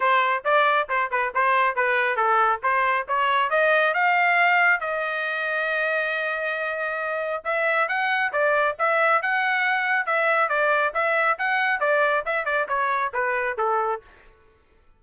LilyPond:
\new Staff \with { instrumentName = "trumpet" } { \time 4/4 \tempo 4 = 137 c''4 d''4 c''8 b'8 c''4 | b'4 a'4 c''4 cis''4 | dis''4 f''2 dis''4~ | dis''1~ |
dis''4 e''4 fis''4 d''4 | e''4 fis''2 e''4 | d''4 e''4 fis''4 d''4 | e''8 d''8 cis''4 b'4 a'4 | }